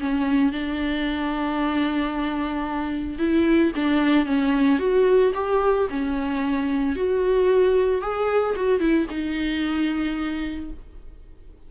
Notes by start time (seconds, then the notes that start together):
0.00 C#4
0.52 D4
3.19 E4
3.75 D4
4.26 C#4
4.79 F#4
5.34 G4
5.90 C#4
6.96 F#4
8.01 G#4
8.56 F#4
8.80 E4
9.10 D#4